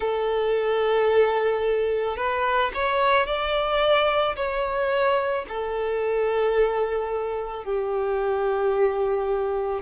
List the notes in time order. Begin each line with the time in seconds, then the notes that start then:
0.00 A4
2.17 B4
2.74 C#5
3.26 D5
4.36 C#5
5.48 A4
7.64 G4